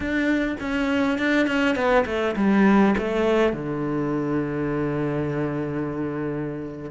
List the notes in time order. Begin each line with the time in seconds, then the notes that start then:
0.00 D4
0.60 C#4
1.18 D4
1.46 C#4
1.75 B3
2.05 A3
2.35 G3
2.97 A3
3.52 D3